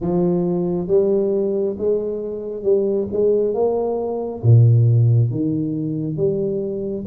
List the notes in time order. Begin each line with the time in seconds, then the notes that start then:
0.00 F3
0.87 G3
1.78 G#3
2.63 G3
3.12 G#3
3.54 A#3
4.42 A#2
5.31 D#3
6.16 G3